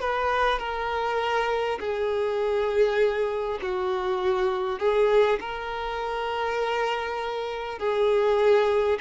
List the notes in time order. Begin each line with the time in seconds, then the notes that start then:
0.00 B4
0.58 A#4
1.79 G#4
3.62 F#4
4.79 G#4
5.39 A#4
7.78 G#4